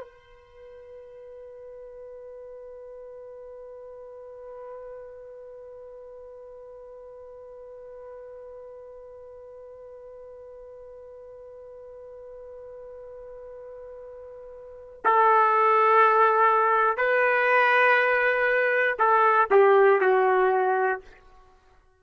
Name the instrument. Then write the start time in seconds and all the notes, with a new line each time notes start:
trumpet
0.00 B4
15.04 A4
16.97 B4
18.98 A4
19.50 G4
20.00 F#4